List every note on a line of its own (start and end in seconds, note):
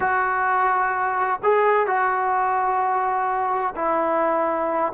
0.00 1.40 F#4
1.43 1.86 G#4
1.86 3.74 F#4
3.75 4.92 E4